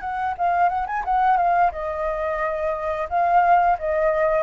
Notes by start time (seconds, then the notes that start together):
0.00 F#5
0.37 F5
0.69 F#5
0.86 G#5
1.04 F#5
1.37 F5
1.71 D#5
3.09 F5
3.78 D#5